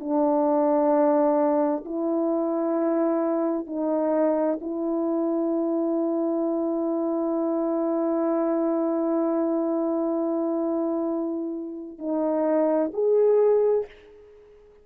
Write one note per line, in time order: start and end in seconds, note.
0.00 1.85 D4
1.85 3.67 E4
3.67 4.59 D#4
4.61 11.99 E4
11.99 12.91 D#4
12.94 13.86 G#4